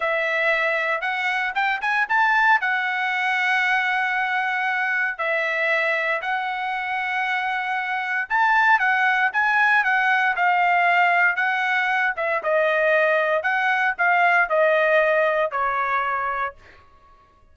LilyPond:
\new Staff \with { instrumentName = "trumpet" } { \time 4/4 \tempo 4 = 116 e''2 fis''4 g''8 gis''8 | a''4 fis''2.~ | fis''2 e''2 | fis''1 |
a''4 fis''4 gis''4 fis''4 | f''2 fis''4. e''8 | dis''2 fis''4 f''4 | dis''2 cis''2 | }